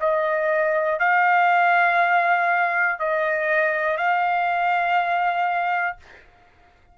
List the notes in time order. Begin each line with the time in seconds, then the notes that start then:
0.00 D#5
0.99 F5
2.99 D#5
3.98 F5